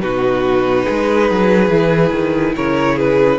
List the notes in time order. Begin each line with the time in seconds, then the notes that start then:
0.00 B2 D#4 F#4 B4
0.85 G#3 G#4
1.31 F#3
1.69 E3 E4
2.12 D#3
2.56 C#3 A#4 C#5
2.95 G#4 B4